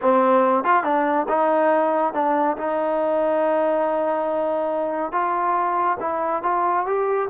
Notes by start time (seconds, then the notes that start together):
0.01 C4
0.64 F4
0.83 D4
1.28 D#4
2.13 D4
2.57 D#4
5.12 F4
6.00 E4
6.43 F4
6.86 G4